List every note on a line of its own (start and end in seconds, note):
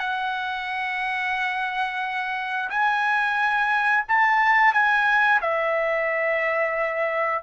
0.00 2.70 F#5
2.70 4.05 G#5
4.08 4.74 A5
4.74 5.41 G#5
5.42 7.43 E5